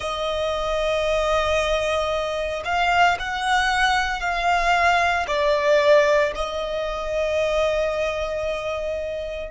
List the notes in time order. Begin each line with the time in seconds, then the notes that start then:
0.00 D#5
2.65 F5
3.19 F#5
4.20 F5
5.27 D5
6.35 D#5